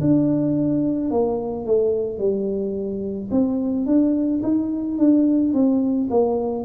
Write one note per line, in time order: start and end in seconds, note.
0.00 1.10 D4
1.10 1.65 A#3
1.65 2.18 A3
2.18 3.29 G3
3.31 3.86 C4
3.86 4.41 D4
4.42 4.98 D#4
4.98 5.54 D4
5.54 6.09 C4
6.10 6.64 A#3